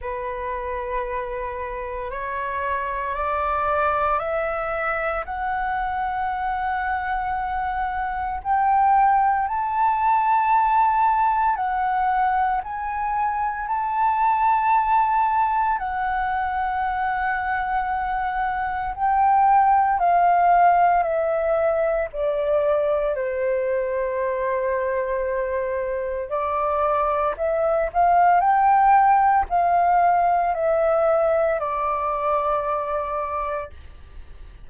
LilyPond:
\new Staff \with { instrumentName = "flute" } { \time 4/4 \tempo 4 = 57 b'2 cis''4 d''4 | e''4 fis''2. | g''4 a''2 fis''4 | gis''4 a''2 fis''4~ |
fis''2 g''4 f''4 | e''4 d''4 c''2~ | c''4 d''4 e''8 f''8 g''4 | f''4 e''4 d''2 | }